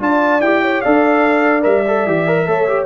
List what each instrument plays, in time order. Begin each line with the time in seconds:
0.00 tuba D4, trombone F4, horn D5, trumpet A5
0.41 tuba E4, trombone G4, trumpet G5
0.63 horn C#5
0.81 tuba D4, trombone A4, horn D5, trumpet F5
1.63 tuba G3, trombone A#4, trumpet E5
1.87 trombone A4
2.06 tuba E3, trombone G4
2.27 trombone A#4
2.47 tuba A3, trombone A4, horn C#5
2.68 trombone G4